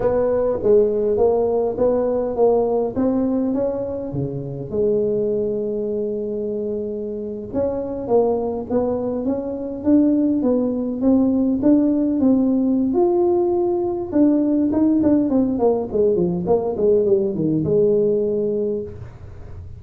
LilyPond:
\new Staff \with { instrumentName = "tuba" } { \time 4/4 \tempo 4 = 102 b4 gis4 ais4 b4 | ais4 c'4 cis'4 cis4 | gis1~ | gis8. cis'4 ais4 b4 cis'16~ |
cis'8. d'4 b4 c'4 d'16~ | d'8. c'4~ c'16 f'2 | d'4 dis'8 d'8 c'8 ais8 gis8 f8 | ais8 gis8 g8 dis8 gis2 | }